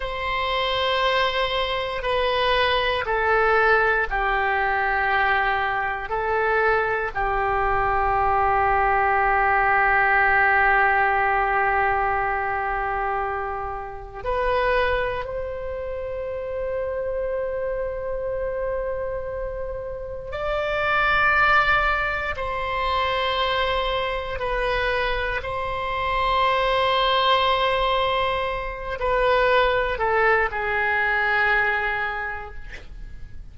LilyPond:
\new Staff \with { instrumentName = "oboe" } { \time 4/4 \tempo 4 = 59 c''2 b'4 a'4 | g'2 a'4 g'4~ | g'1~ | g'2 b'4 c''4~ |
c''1 | d''2 c''2 | b'4 c''2.~ | c''8 b'4 a'8 gis'2 | }